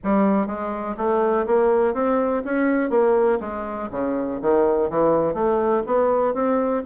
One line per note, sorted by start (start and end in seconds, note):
0.03 0.46 G3
0.46 0.95 G#3
0.97 1.46 A3
1.46 1.94 A#3
1.94 2.43 C4
2.45 2.89 C#4
2.89 3.38 A#3
3.40 3.89 G#3
3.91 4.40 C#3
4.41 4.90 D#3
4.90 5.34 E3
5.34 5.82 A3
5.86 6.34 B3
6.34 6.82 C4